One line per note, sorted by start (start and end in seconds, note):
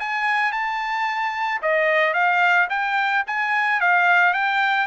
0.00 0.53 G#5
0.53 1.62 A5
1.63 2.14 D#5
2.14 2.69 F5
2.70 3.25 G5
3.27 3.81 G#5
3.81 4.34 F5
4.34 4.87 G5